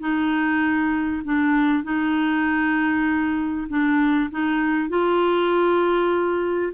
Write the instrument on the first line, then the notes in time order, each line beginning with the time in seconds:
clarinet
0.00 D#4
1.25 D4
1.84 D#4
3.69 D4
4.31 D#4
4.89 F4